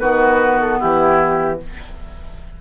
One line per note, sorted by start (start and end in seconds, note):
0.00 0.81 D#3
0.00 1.58 B3
0.00 0.79 F#4
0.00 0.59 B4
0.61 0.81 A4
0.80 1.62 E3
0.80 1.59 E4
0.80 1.60 G4